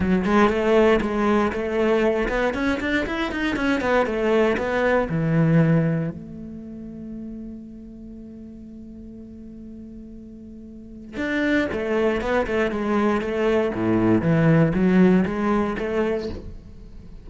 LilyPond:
\new Staff \with { instrumentName = "cello" } { \time 4/4 \tempo 4 = 118 fis8 gis8 a4 gis4 a4~ | a8 b8 cis'8 d'8 e'8 dis'8 cis'8 b8 | a4 b4 e2 | a1~ |
a1~ | a2 d'4 a4 | b8 a8 gis4 a4 a,4 | e4 fis4 gis4 a4 | }